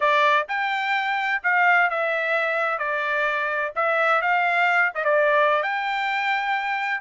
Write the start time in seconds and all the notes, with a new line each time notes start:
0.00 D5
0.48 G5
1.43 F5
1.90 E5
2.78 D5
3.75 E5
4.21 F5
4.94 D#5
5.04 D5
5.62 G5